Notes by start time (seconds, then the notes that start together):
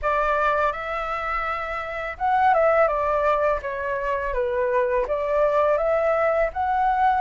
0.02 D5
0.72 E5
2.18 F#5
2.54 E5
2.87 D5
3.61 C#5
4.33 B4
5.07 D5
5.77 E5
6.53 F#5